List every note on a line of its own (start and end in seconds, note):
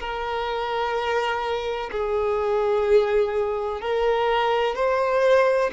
0.00 1.90 A#4
1.92 3.82 G#4
3.82 4.76 A#4
4.76 5.71 C5